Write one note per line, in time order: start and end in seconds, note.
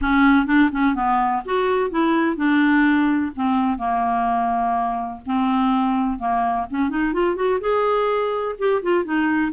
0.01 0.46 C#4
0.46 0.70 D4
0.72 0.95 C#4
0.95 1.42 B3
1.45 1.90 F#4
1.90 2.36 E4
2.36 3.31 D4
3.35 3.77 C4
3.77 5.20 A#3
5.26 6.18 C4
6.18 6.66 A#3
6.69 6.89 C#4
6.89 7.13 D#4
7.13 7.35 F4
7.35 7.59 F#4
7.60 8.55 G#4
8.58 8.82 G4
8.82 9.04 F4
9.04 9.52 D#4